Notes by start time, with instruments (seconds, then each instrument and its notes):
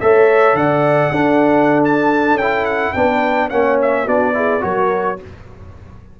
0.00 tuba A3, trombone A4, horn C#5, trumpet E5
0.54 tuba D3, horn D5, trumpet F#5
1.11 tuba D4, trombone D4, horn A4
1.84 trumpet A5
2.34 tuba C#4, trumpet G5
2.41 trombone E4
2.65 trumpet F#5
2.93 tuba B3, trombone D4, horn B4, trumpet G5
3.49 tuba A#3, trombone C#4, horn C#5, trumpet F#5
3.82 trumpet E5
4.05 tuba B3, trombone D4, horn F#4, trumpet D5
4.34 trombone E4, horn G#4
4.60 tuba F#3, trombone F#4, horn A#4, trumpet C#5